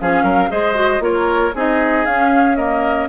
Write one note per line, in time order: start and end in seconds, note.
0.00 0.23 F3
0.00 0.49 C#4
0.00 0.23 G#4
0.00 0.50 F5
0.23 0.49 F#3
0.23 0.49 A#4
0.49 0.99 G#3
0.49 0.74 G#4
0.49 1.03 C5
0.49 1.02 D#5
0.74 1.00 F#4
0.99 1.51 A#3
0.99 1.52 F4
0.99 1.55 A#4
0.99 1.55 C#5
1.55 2.06 C4
1.55 2.07 D#4
1.55 2.57 G#4
1.55 2.05 D#5
2.05 3.08 C#4
2.05 2.57 C#4
2.05 2.55 F5
2.55 3.08 A#3
2.55 3.08 A#4
2.55 3.07 D#5